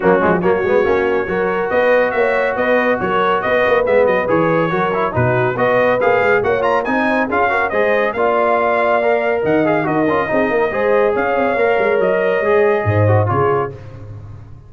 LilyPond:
<<
  \new Staff \with { instrumentName = "trumpet" } { \time 4/4 \tempo 4 = 140 fis'4 cis''2. | dis''4 e''4 dis''4 cis''4 | dis''4 e''8 dis''8 cis''2 | b'4 dis''4 f''4 fis''8 ais''8 |
gis''4 f''4 dis''4 f''4~ | f''2 fis''8 f''8 dis''4~ | dis''2 f''2 | dis''2. cis''4 | }
  \new Staff \with { instrumentName = "horn" } { \time 4/4 cis'4 fis'2 ais'4 | b'4 cis''4 b'4 ais'4 | b'2. ais'4 | fis'4 b'2 cis''4 |
dis''8 c''8 gis'8 ais'8 c''4 d''4~ | d''2 dis''4 ais'4 | gis'8 ais'8 c''4 cis''2~ | cis''2 c''4 gis'4 | }
  \new Staff \with { instrumentName = "trombone" } { \time 4/4 ais8 gis8 ais8 b8 cis'4 fis'4~ | fis'1~ | fis'4 b4 gis'4 fis'8 e'8 | dis'4 fis'4 gis'4 fis'8 f'8 |
dis'4 f'8 fis'8 gis'4 f'4~ | f'4 ais'4. gis'8 fis'8 f'8 | dis'4 gis'2 ais'4~ | ais'4 gis'4. fis'8 f'4 | }
  \new Staff \with { instrumentName = "tuba" } { \time 4/4 fis8 f8 fis8 gis8 ais4 fis4 | b4 ais4 b4 fis4 | b8 ais8 gis8 fis8 e4 fis4 | b,4 b4 ais8 gis8 ais4 |
c'4 cis'4 gis4 ais4~ | ais2 dis4 dis'8 cis'8 | c'8 ais8 gis4 cis'8 c'8 ais8 gis8 | fis4 gis4 gis,4 cis4 | }
>>